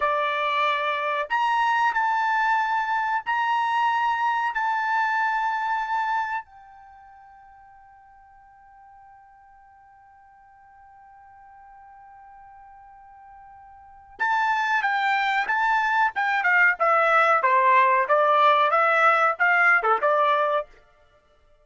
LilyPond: \new Staff \with { instrumentName = "trumpet" } { \time 4/4 \tempo 4 = 93 d''2 ais''4 a''4~ | a''4 ais''2 a''4~ | a''2 g''2~ | g''1~ |
g''1~ | g''2 a''4 g''4 | a''4 g''8 f''8 e''4 c''4 | d''4 e''4 f''8. a'16 d''4 | }